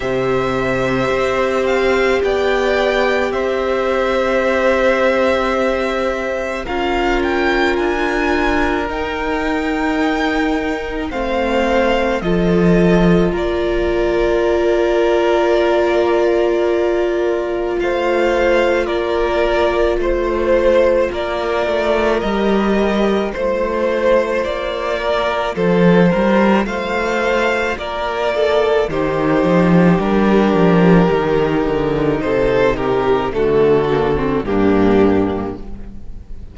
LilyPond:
<<
  \new Staff \with { instrumentName = "violin" } { \time 4/4 \tempo 4 = 54 e''4. f''8 g''4 e''4~ | e''2 f''8 g''8 gis''4 | g''2 f''4 dis''4 | d''1 |
f''4 d''4 c''4 d''4 | dis''4 c''4 d''4 c''4 | f''4 d''4 c''4 ais'4~ | ais'4 c''8 ais'8 a'4 g'4 | }
  \new Staff \with { instrumentName = "violin" } { \time 4/4 c''2 d''4 c''4~ | c''2 ais'2~ | ais'2 c''4 a'4 | ais'1 |
c''4 ais'4 c''4 ais'4~ | ais'4 c''4. ais'8 a'8 ais'8 | c''4 ais'8 a'8 g'2~ | g'4 a'8 g'8 fis'4 d'4 | }
  \new Staff \with { instrumentName = "viola" } { \time 4/4 g'1~ | g'2 f'2 | dis'2 c'4 f'4~ | f'1~ |
f'1 | g'4 f'2.~ | f'2 dis'4 d'4 | dis'2 a8 ais16 c'16 ais4 | }
  \new Staff \with { instrumentName = "cello" } { \time 4/4 c4 c'4 b4 c'4~ | c'2 cis'4 d'4 | dis'2 a4 f4 | ais1 |
a4 ais4 a4 ais8 a8 | g4 a4 ais4 f8 g8 | a4 ais4 dis8 f8 g8 f8 | dis8 d8 c4 d4 g,4 | }
>>